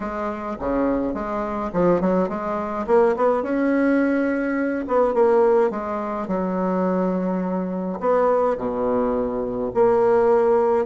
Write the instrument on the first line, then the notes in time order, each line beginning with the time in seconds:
bassoon
0.00 G#3
0.59 C#3
1.14 G#3
1.73 F3
2.01 F#3
2.28 G#3
2.86 A#3
3.16 B3
3.42 C#4
4.87 B3
5.14 A#3
5.70 G#3
6.27 F#3
7.99 B3
8.57 B2
9.74 A#3